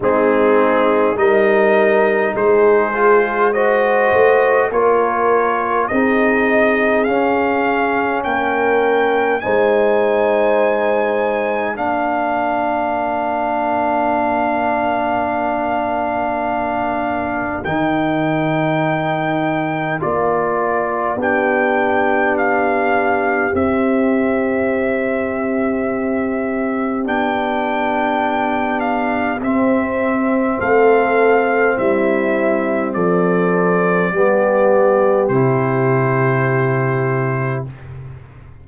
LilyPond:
<<
  \new Staff \with { instrumentName = "trumpet" } { \time 4/4 \tempo 4 = 51 gis'4 dis''4 c''4 dis''4 | cis''4 dis''4 f''4 g''4 | gis''2 f''2~ | f''2. g''4~ |
g''4 d''4 g''4 f''4 | e''2. g''4~ | g''8 f''8 e''4 f''4 e''4 | d''2 c''2 | }
  \new Staff \with { instrumentName = "horn" } { \time 4/4 dis'4 ais'4 gis'4 c''4 | ais'4 gis'2 ais'4 | c''2 ais'2~ | ais'1~ |
ais'2 g'2~ | g'1~ | g'2 a'4 e'4 | a'4 g'2. | }
  \new Staff \with { instrumentName = "trombone" } { \time 4/4 c'4 dis'4. f'8 fis'4 | f'4 dis'4 cis'2 | dis'2 d'2~ | d'2. dis'4~ |
dis'4 f'4 d'2 | c'2. d'4~ | d'4 c'2.~ | c'4 b4 e'2 | }
  \new Staff \with { instrumentName = "tuba" } { \time 4/4 gis4 g4 gis4. a8 | ais4 c'4 cis'4 ais4 | gis2 ais2~ | ais2. dis4~ |
dis4 ais4 b2 | c'2. b4~ | b4 c'4 a4 g4 | f4 g4 c2 | }
>>